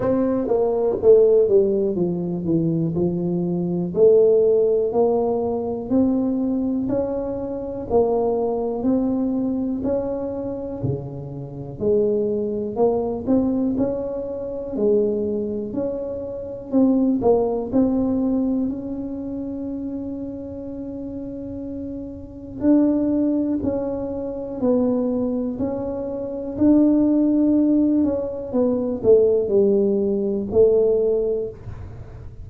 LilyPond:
\new Staff \with { instrumentName = "tuba" } { \time 4/4 \tempo 4 = 61 c'8 ais8 a8 g8 f8 e8 f4 | a4 ais4 c'4 cis'4 | ais4 c'4 cis'4 cis4 | gis4 ais8 c'8 cis'4 gis4 |
cis'4 c'8 ais8 c'4 cis'4~ | cis'2. d'4 | cis'4 b4 cis'4 d'4~ | d'8 cis'8 b8 a8 g4 a4 | }